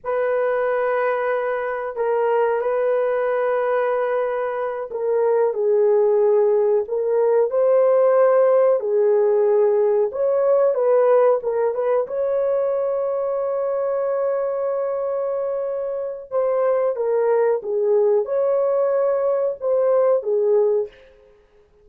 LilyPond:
\new Staff \with { instrumentName = "horn" } { \time 4/4 \tempo 4 = 92 b'2. ais'4 | b'2.~ b'8 ais'8~ | ais'8 gis'2 ais'4 c''8~ | c''4. gis'2 cis''8~ |
cis''8 b'4 ais'8 b'8 cis''4.~ | cis''1~ | cis''4 c''4 ais'4 gis'4 | cis''2 c''4 gis'4 | }